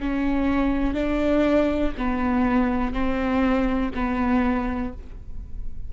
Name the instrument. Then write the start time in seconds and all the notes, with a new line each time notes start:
viola
0.00 C#4
0.94 D4
1.98 B3
2.93 C4
3.94 B3